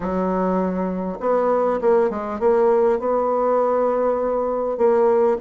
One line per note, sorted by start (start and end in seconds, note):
0.00 1.18 F#3
1.19 1.79 B3
1.81 2.10 A#3
2.10 2.39 G#3
2.39 2.99 A#3
2.99 4.77 B3
4.77 5.37 A#3